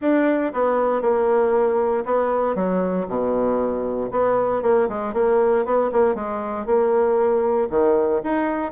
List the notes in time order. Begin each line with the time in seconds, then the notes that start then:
0.01 D4
0.53 B3
1.01 A#3
2.05 B3
2.55 F#3
3.07 B2
4.11 B3
4.62 A#3
4.89 G#3
5.13 A#3
5.65 B3
5.91 A#3
6.14 G#3
6.65 A#3
7.70 D#3
8.23 D#4